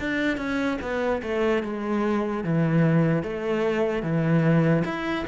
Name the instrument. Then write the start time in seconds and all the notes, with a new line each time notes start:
cello
0.00 D4
0.38 C#4
0.81 B3
1.23 A3
1.63 G#3
2.44 E3
3.23 A3
4.03 E3
4.85 E4